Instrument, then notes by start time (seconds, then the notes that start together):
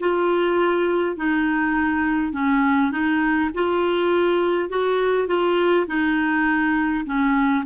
clarinet
0.00 F4
1.17 D#4
2.33 C#4
2.91 D#4
3.55 F4
4.70 F#4
5.28 F4
5.87 D#4
7.06 C#4